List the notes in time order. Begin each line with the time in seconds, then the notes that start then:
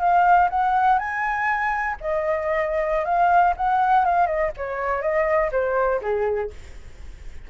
0.00 F5
0.50 F#5
0.99 G#5
2.00 D#5
3.05 F5
3.57 F#5
4.05 F5
4.26 D#5
4.57 C#5
5.02 D#5
5.52 C5
6.01 G#4